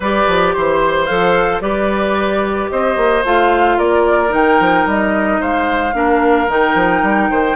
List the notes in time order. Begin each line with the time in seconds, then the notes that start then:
0.00 G3 G4 B4 D5
0.27 F3
0.53 E3 C5
1.06 F3 A4 F5
1.60 G3 G4 B4 D5
2.70 C4 C5 D#5
2.97 A#3
3.24 A3 F4 F5
3.78 A#3 A#4 D5
4.28 D#3 D#4 G5
4.59 F3
4.86 G3 D#5
5.40 G#3 C5 F5
5.93 A#3 D4 A#4
6.48 D#3 D#4 G5
6.74 F3
7.02 G3
7.30 D#3 C5